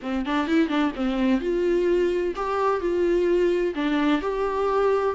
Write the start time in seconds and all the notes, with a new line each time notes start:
0.02 C4
0.25 D4
0.47 E4
0.68 D4
0.95 C4
1.40 F4
2.35 G4
2.80 F4
3.74 D4
4.21 G4